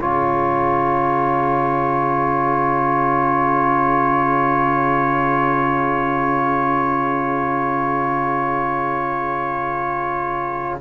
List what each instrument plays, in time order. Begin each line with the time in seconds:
0.00 cello C#3, trombone F4, violin G#4, trumpet C#5